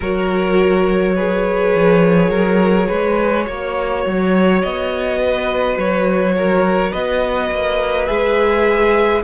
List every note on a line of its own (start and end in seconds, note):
0.00 1.74 F#3
0.00 1.17 F#4
0.00 1.14 A#4
0.00 4.62 C#5
1.15 3.45 G#4
1.15 2.29 B4
1.75 2.30 F3
2.29 2.87 F#3
2.29 2.87 A#4
2.87 3.48 G#3
2.87 3.45 B4
3.45 4.05 A#3
3.45 8.07 F#4
3.45 5.18 C#5
4.06 4.63 F#3
4.62 5.77 B3
4.62 5.77 D#5
5.18 6.33 B4
5.77 6.92 F#3
5.77 6.92 C#5
6.37 6.91 A#4
6.91 7.50 B3
6.91 9.22 B4
6.91 8.06 D#5
7.50 8.08 A#3
8.06 9.23 G#3
8.06 9.22 G#4
8.06 9.21 E5